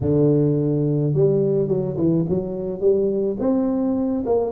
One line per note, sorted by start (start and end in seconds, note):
0.01 1.13 D3
1.13 1.68 G3
1.68 1.96 F#3
1.97 2.25 E3
2.28 2.80 F#3
2.80 3.37 G3
3.39 4.24 C4
4.26 4.52 A#3